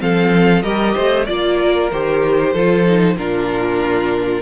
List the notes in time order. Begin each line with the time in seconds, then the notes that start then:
0.00 F3 C4 A4 F5
0.62 G3 G4 A#4 D#5
0.95 A3 C5
1.26 A#3 F4 D5
1.59 A#4
1.92 D#3 G4 C5
2.53 F3 F4 A4
2.86 D#4
3.17 A#2 D4 F4 A#4